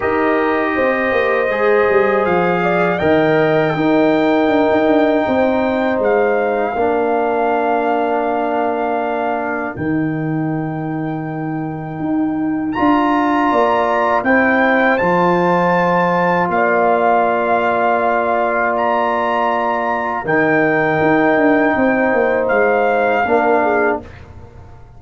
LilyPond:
<<
  \new Staff \with { instrumentName = "trumpet" } { \time 4/4 \tempo 4 = 80 dis''2. f''4 | g''1 | f''1~ | f''4 g''2.~ |
g''4 ais''2 g''4 | a''2 f''2~ | f''4 ais''2 g''4~ | g''2 f''2 | }
  \new Staff \with { instrumentName = "horn" } { \time 4/4 ais'4 c''2~ c''8 d''8 | dis''4 ais'2 c''4~ | c''4 ais'2.~ | ais'1~ |
ais'2 d''4 c''4~ | c''2 d''2~ | d''2. ais'4~ | ais'4 c''2 ais'8 gis'8 | }
  \new Staff \with { instrumentName = "trombone" } { \time 4/4 g'2 gis'2 | ais'4 dis'2.~ | dis'4 d'2.~ | d'4 dis'2.~ |
dis'4 f'2 e'4 | f'1~ | f'2. dis'4~ | dis'2. d'4 | }
  \new Staff \with { instrumentName = "tuba" } { \time 4/4 dis'4 c'8 ais8 gis8 g8 f4 | dis4 dis'4 d'16 dis'16 d'8 c'4 | gis4 ais2.~ | ais4 dis2. |
dis'4 d'4 ais4 c'4 | f2 ais2~ | ais2. dis4 | dis'8 d'8 c'8 ais8 gis4 ais4 | }
>>